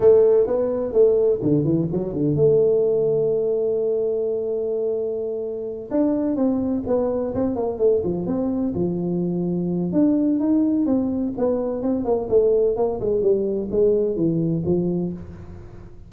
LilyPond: \new Staff \with { instrumentName = "tuba" } { \time 4/4 \tempo 4 = 127 a4 b4 a4 d8 e8 | fis8 d8 a2.~ | a1~ | a8 d'4 c'4 b4 c'8 |
ais8 a8 f8 c'4 f4.~ | f4 d'4 dis'4 c'4 | b4 c'8 ais8 a4 ais8 gis8 | g4 gis4 e4 f4 | }